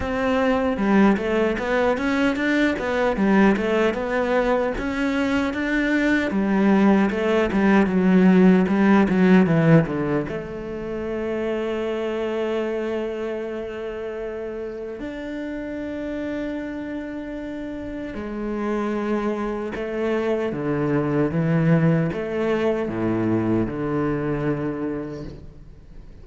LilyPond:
\new Staff \with { instrumentName = "cello" } { \time 4/4 \tempo 4 = 76 c'4 g8 a8 b8 cis'8 d'8 b8 | g8 a8 b4 cis'4 d'4 | g4 a8 g8 fis4 g8 fis8 | e8 d8 a2.~ |
a2. d'4~ | d'2. gis4~ | gis4 a4 d4 e4 | a4 a,4 d2 | }